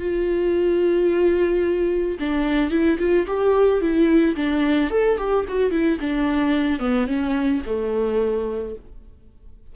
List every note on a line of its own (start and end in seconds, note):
0.00 2.18 F4
2.20 2.71 D4
2.71 2.98 E4
2.99 3.27 F4
3.27 3.81 G4
3.81 4.36 E4
4.36 4.91 D4
4.91 5.18 A4
5.18 5.45 G4
5.49 5.71 F#4
5.71 5.99 E4
6.00 6.80 D4
6.80 7.07 B3
7.08 7.62 C#4
7.67 8.76 A3